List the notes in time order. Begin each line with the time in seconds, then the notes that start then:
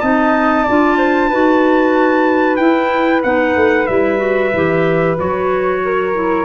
0.00 C4 D#4 D#5 A5
0.64 D4 F4 D5
0.97 C5
1.29 D#4 F#4 B4
2.56 E4 G5
3.23 B3 D#4 F#5
3.56 A3
3.87 G3 E4 E5
4.18 F#4
4.53 E3 G4
5.17 F#3 F#4 C#5
5.85 A#4
6.14 E4